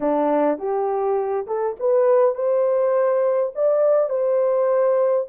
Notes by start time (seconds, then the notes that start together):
0.00 D4
0.58 G4
1.47 A4
1.79 B4
2.34 C5
3.55 D5
4.09 C5